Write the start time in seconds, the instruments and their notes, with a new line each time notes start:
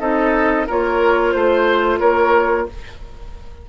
0.00 bassoon C4, clarinet D#4, oboe A4, flute D#5
0.67 bassoon A#3, clarinet F4, oboe A#4, flute C#5
1.32 bassoon A3, flute C5, oboe C5
2.00 bassoon A#3, oboe A#4, flute C#5